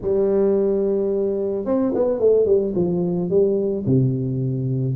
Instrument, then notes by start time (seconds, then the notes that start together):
tuba
0.01 G3
1.65 C4
1.94 B3
2.19 A3
2.45 G3
2.75 F3
3.30 G3
3.86 C3